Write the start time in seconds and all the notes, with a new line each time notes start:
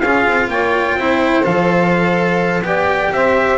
0.00 C#4 F4 G#4 F5
0.27 C4
0.49 A#3 C#5 G5
0.95 C4 E4 C5
1.43 F3 A4 F5
2.62 B3 G4 D5 G5
3.12 C4 C5 E5